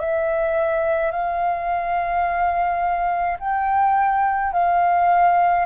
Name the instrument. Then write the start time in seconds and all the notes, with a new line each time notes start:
flute
0.00 E5
1.11 F5
3.40 G5
4.53 F5